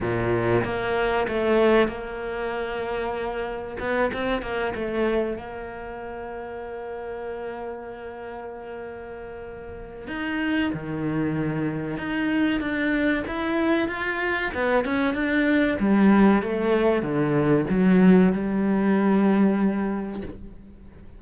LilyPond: \new Staff \with { instrumentName = "cello" } { \time 4/4 \tempo 4 = 95 ais,4 ais4 a4 ais4~ | ais2 b8 c'8 ais8 a8~ | a8 ais2.~ ais8~ | ais1 |
dis'4 dis2 dis'4 | d'4 e'4 f'4 b8 cis'8 | d'4 g4 a4 d4 | fis4 g2. | }